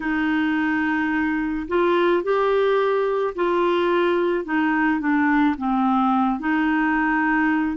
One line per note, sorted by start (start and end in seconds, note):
0.00 1.67 D#4
1.68 2.23 F4
2.23 3.34 G4
3.35 4.44 F4
4.44 5.00 D#4
5.00 5.56 D4
5.57 6.39 C4
6.39 7.76 D#4